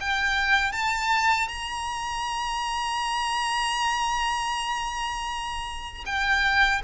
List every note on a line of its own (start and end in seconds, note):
0.00 0.72 G5
0.72 1.48 A5
1.48 6.04 A#5
6.06 6.82 G5